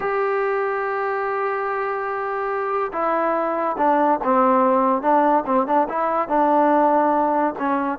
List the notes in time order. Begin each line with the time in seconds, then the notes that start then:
0.00 G4
2.92 E4
3.77 D4
4.23 C4
5.02 D4
5.46 C4
5.66 D4
5.88 E4
6.28 D4
7.58 C#4